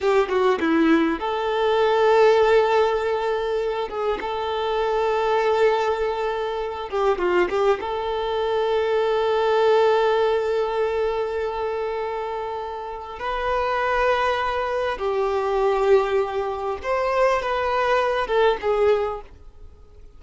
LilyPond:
\new Staff \with { instrumentName = "violin" } { \time 4/4 \tempo 4 = 100 g'8 fis'8 e'4 a'2~ | a'2~ a'8 gis'8 a'4~ | a'2.~ a'8 g'8 | f'8 g'8 a'2.~ |
a'1~ | a'2 b'2~ | b'4 g'2. | c''4 b'4. a'8 gis'4 | }